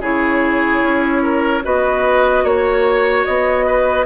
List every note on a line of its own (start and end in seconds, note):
0.00 0.81 C#3
0.00 1.63 E4
0.00 1.23 G#4
0.00 1.66 C#5
0.82 1.64 C#4
1.23 1.63 A#4
1.63 2.44 B3
1.63 4.06 F#4
1.63 2.44 B4
1.63 2.47 D#5
2.44 3.25 A#3
2.44 3.66 C#5
2.44 3.25 C#5
3.25 4.06 B3
3.25 4.06 D#5
3.66 4.06 B4